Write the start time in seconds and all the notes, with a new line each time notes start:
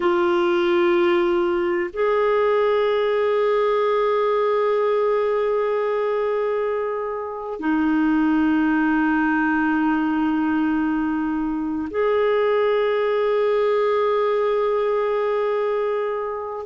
0.00 F4
1.93 G#4
7.59 D#4
11.90 G#4